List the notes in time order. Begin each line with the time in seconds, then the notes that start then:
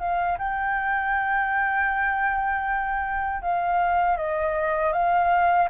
0.00 F5
0.38 G5
3.42 F5
4.17 D#5
4.93 F5